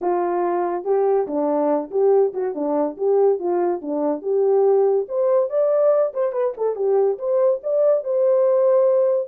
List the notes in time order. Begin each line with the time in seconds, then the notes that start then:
0.01 F4
0.84 G4
1.27 D4
1.90 G4
2.33 F#4
2.54 D4
2.97 G4
3.39 F4
3.81 D4
4.22 G4
5.08 C5
5.49 D5
6.13 C5
6.32 B4
6.57 A4
6.75 G4
7.18 C5
7.63 D5
8.04 C5